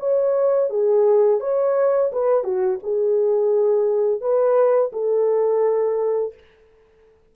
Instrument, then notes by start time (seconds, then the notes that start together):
horn
0.00 C#5
0.70 G#4
1.41 C#5
2.13 B4
2.44 F#4
2.84 G#4
4.21 B4
4.93 A4